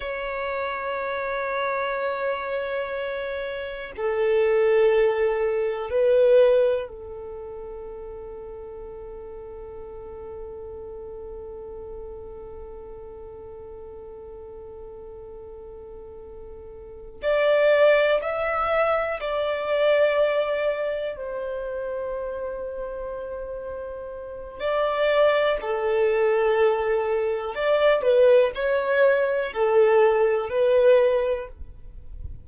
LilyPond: \new Staff \with { instrumentName = "violin" } { \time 4/4 \tempo 4 = 61 cis''1 | a'2 b'4 a'4~ | a'1~ | a'1~ |
a'4. d''4 e''4 d''8~ | d''4. c''2~ c''8~ | c''4 d''4 a'2 | d''8 b'8 cis''4 a'4 b'4 | }